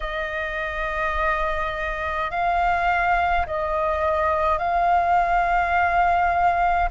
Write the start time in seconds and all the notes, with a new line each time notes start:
0.00 D#5
2.30 F5
3.46 D#5
4.58 F5